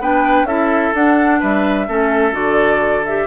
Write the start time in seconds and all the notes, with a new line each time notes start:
0.00 B3 D4 B4 G5
0.43 C#4 E4 A4 E5
0.94 D4 F#5
1.40 G3 B4 E5
1.88 A3 C#4 A4
2.32 D3 F#4 D5
3.05 G4 E5